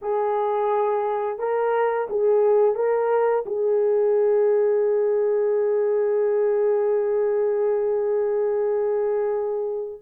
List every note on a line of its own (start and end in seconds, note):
0.01 1.38 G#4
1.38 2.07 A#4
2.09 2.75 G#4
2.75 3.44 A#4
3.46 10.01 G#4